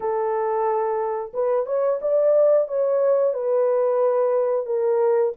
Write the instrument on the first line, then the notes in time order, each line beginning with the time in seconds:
horn
0.00 A4
1.33 B4
1.66 C#5
2.01 D5
2.68 C#5
3.33 B4
4.66 A#4